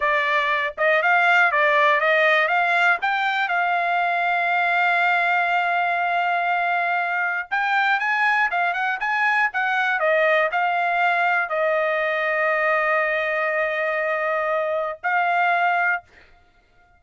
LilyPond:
\new Staff \with { instrumentName = "trumpet" } { \time 4/4 \tempo 4 = 120 d''4. dis''8 f''4 d''4 | dis''4 f''4 g''4 f''4~ | f''1~ | f''2. g''4 |
gis''4 f''8 fis''8 gis''4 fis''4 | dis''4 f''2 dis''4~ | dis''1~ | dis''2 f''2 | }